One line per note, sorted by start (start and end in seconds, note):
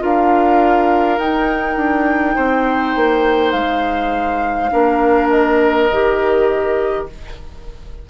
0.00 1.19 D4
0.00 1.18 F4
0.00 2.36 A#4
0.00 1.19 F5
1.19 1.77 D#4
1.19 4.72 D#4
1.19 3.52 G5
1.77 2.36 D4
2.36 2.96 C4
2.36 4.71 C5
2.96 3.54 A#3
3.52 4.71 G#3
3.52 5.29 F5
4.72 5.90 A#3
4.72 5.89 D4
4.72 7.08 A#4
5.30 7.07 D#5
5.91 7.09 D#3
5.91 7.10 G4